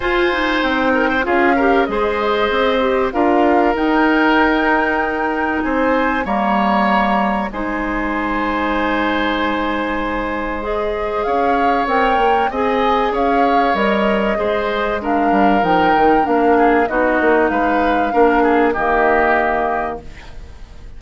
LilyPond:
<<
  \new Staff \with { instrumentName = "flute" } { \time 4/4 \tempo 4 = 96 gis''4 g''4 f''4 dis''4~ | dis''4 f''4 g''2~ | g''4 gis''4 ais''2 | gis''1~ |
gis''4 dis''4 f''4 g''4 | gis''4 f''4 dis''2 | f''4 g''4 f''4 dis''4 | f''2 dis''2 | }
  \new Staff \with { instrumentName = "oboe" } { \time 4/4 c''4. ais'16 c''16 gis'8 ais'8 c''4~ | c''4 ais'2.~ | ais'4 c''4 cis''2 | c''1~ |
c''2 cis''2 | dis''4 cis''2 c''4 | ais'2~ ais'8 gis'8 fis'4 | b'4 ais'8 gis'8 g'2 | }
  \new Staff \with { instrumentName = "clarinet" } { \time 4/4 f'8 dis'4. f'8 g'8 gis'4~ | gis'8 g'8 f'4 dis'2~ | dis'2 ais2 | dis'1~ |
dis'4 gis'2 ais'4 | gis'2 ais'4 gis'4 | d'4 dis'4 d'4 dis'4~ | dis'4 d'4 ais2 | }
  \new Staff \with { instrumentName = "bassoon" } { \time 4/4 f'4 c'4 cis'4 gis4 | c'4 d'4 dis'2~ | dis'4 c'4 g2 | gis1~ |
gis2 cis'4 c'8 ais8 | c'4 cis'4 g4 gis4~ | gis8 g8 f8 dis8 ais4 b8 ais8 | gis4 ais4 dis2 | }
>>